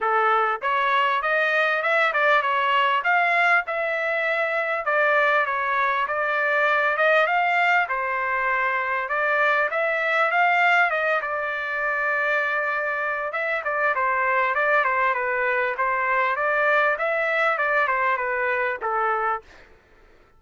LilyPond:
\new Staff \with { instrumentName = "trumpet" } { \time 4/4 \tempo 4 = 99 a'4 cis''4 dis''4 e''8 d''8 | cis''4 f''4 e''2 | d''4 cis''4 d''4. dis''8 | f''4 c''2 d''4 |
e''4 f''4 dis''8 d''4.~ | d''2 e''8 d''8 c''4 | d''8 c''8 b'4 c''4 d''4 | e''4 d''8 c''8 b'4 a'4 | }